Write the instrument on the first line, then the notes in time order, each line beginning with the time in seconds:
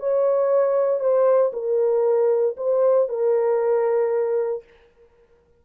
horn
0.00 C#5
1.00 C5
1.53 A#4
2.57 C5
3.09 A#4